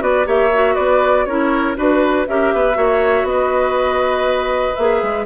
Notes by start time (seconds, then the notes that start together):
0.00 B3 F#4 B4 D5
0.25 A#3 G4 C#5 E5
0.54 F#4
0.75 B3 B4 D5
1.25 C#4 E4 A#4 C#5
1.76 D4 F#4 B4
2.28 C#4 G4 A#4 E5
2.54 B3 B4
2.74 A#3 F#4 C#5
3.23 B3 D#5
3.30 B4
4.75 A#3 G#4 E5
5.03 G#3